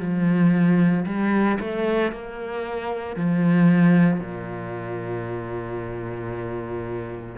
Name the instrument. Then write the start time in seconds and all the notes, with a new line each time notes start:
cello
0.00 F3
1.06 G3
1.60 A3
2.12 A#3
3.16 F3
4.20 A#2